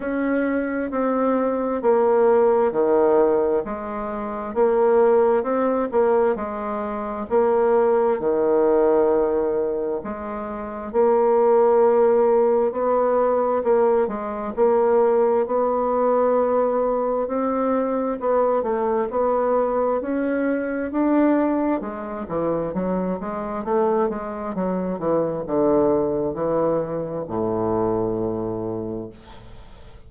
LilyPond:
\new Staff \with { instrumentName = "bassoon" } { \time 4/4 \tempo 4 = 66 cis'4 c'4 ais4 dis4 | gis4 ais4 c'8 ais8 gis4 | ais4 dis2 gis4 | ais2 b4 ais8 gis8 |
ais4 b2 c'4 | b8 a8 b4 cis'4 d'4 | gis8 e8 fis8 gis8 a8 gis8 fis8 e8 | d4 e4 a,2 | }